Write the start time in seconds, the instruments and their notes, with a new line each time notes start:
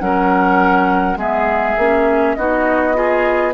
0.00 bassoon F#3, clarinet C#4, oboe A#4, flute F#5
1.16 bassoon G#3, clarinet B3, oboe G#4, flute E5
1.78 bassoon A#3, clarinet C#4
2.36 bassoon B3, clarinet D#4, oboe F#4, flute D#5
2.95 clarinet F4, oboe G#4